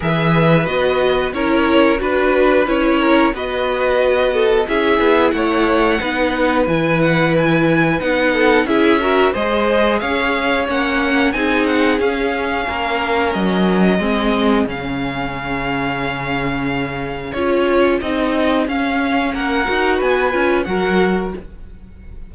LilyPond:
<<
  \new Staff \with { instrumentName = "violin" } { \time 4/4 \tempo 4 = 90 e''4 dis''4 cis''4 b'4 | cis''4 dis''2 e''4 | fis''2 gis''8 fis''8 gis''4 | fis''4 e''4 dis''4 f''4 |
fis''4 gis''8 fis''8 f''2 | dis''2 f''2~ | f''2 cis''4 dis''4 | f''4 fis''4 gis''4 fis''4 | }
  \new Staff \with { instrumentName = "violin" } { \time 4/4 b'2 ais'4 b'4~ | b'8 ais'8 b'4. a'8 gis'4 | cis''4 b'2.~ | b'8 a'8 gis'8 ais'8 c''4 cis''4~ |
cis''4 gis'2 ais'4~ | ais'4 gis'2.~ | gis'1~ | gis'4 ais'4 b'4 ais'4 | }
  \new Staff \with { instrumentName = "viola" } { \time 4/4 gis'4 fis'4 e'4 fis'4 | e'4 fis'2 e'4~ | e'4 dis'4 e'2 | dis'4 e'8 fis'8 gis'2 |
cis'4 dis'4 cis'2~ | cis'4 c'4 cis'2~ | cis'2 f'4 dis'4 | cis'4. fis'4 f'8 fis'4 | }
  \new Staff \with { instrumentName = "cello" } { \time 4/4 e4 b4 cis'4 d'4 | cis'4 b2 cis'8 b8 | a4 b4 e2 | b4 cis'4 gis4 cis'4 |
ais4 c'4 cis'4 ais4 | fis4 gis4 cis2~ | cis2 cis'4 c'4 | cis'4 ais8 dis'8 b8 cis'8 fis4 | }
>>